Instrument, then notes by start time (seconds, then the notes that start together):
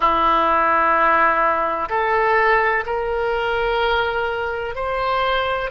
oboe
0.00 E4
1.89 A4
2.86 A#4
4.75 C5